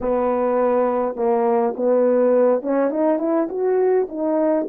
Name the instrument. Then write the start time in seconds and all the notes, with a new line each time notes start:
horn
0.00 B3
1.16 A#3
1.76 B3
2.61 C#4
2.90 D#4
3.19 E4
3.49 F#4
4.08 D#4